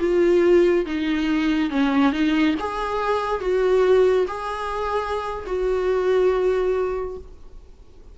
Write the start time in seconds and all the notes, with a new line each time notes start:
0.00 F4
0.86 D#4
1.70 C#4
2.13 D#4
2.60 G#4
3.41 F#4
4.28 G#4
5.46 F#4